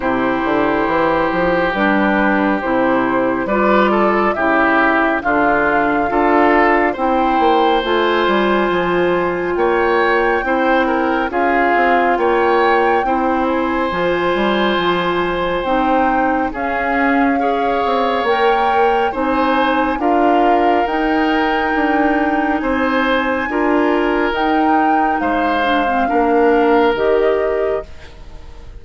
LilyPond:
<<
  \new Staff \with { instrumentName = "flute" } { \time 4/4 \tempo 4 = 69 c''2 b'4 c''4 | d''4 e''4 f''2 | g''4 gis''2 g''4~ | g''4 f''4 g''4. gis''8~ |
gis''2 g''4 f''4~ | f''4 g''4 gis''4 f''4 | g''2 gis''2 | g''4 f''2 dis''4 | }
  \new Staff \with { instrumentName = "oboe" } { \time 4/4 g'1 | b'8 a'8 g'4 f'4 a'4 | c''2. cis''4 | c''8 ais'8 gis'4 cis''4 c''4~ |
c''2. gis'4 | cis''2 c''4 ais'4~ | ais'2 c''4 ais'4~ | ais'4 c''4 ais'2 | }
  \new Staff \with { instrumentName = "clarinet" } { \time 4/4 e'2 d'4 e'4 | f'4 e'4 d'4 f'4 | e'4 f'2. | e'4 f'2 e'4 |
f'2 dis'4 cis'4 | gis'4 ais'4 dis'4 f'4 | dis'2. f'4 | dis'4. d'16 c'16 d'4 g'4 | }
  \new Staff \with { instrumentName = "bassoon" } { \time 4/4 c8 d8 e8 f8 g4 c4 | g4 cis4 d4 d'4 | c'8 ais8 a8 g8 f4 ais4 | c'4 cis'8 c'8 ais4 c'4 |
f8 g8 f4 c'4 cis'4~ | cis'8 c'8 ais4 c'4 d'4 | dis'4 d'4 c'4 d'4 | dis'4 gis4 ais4 dis4 | }
>>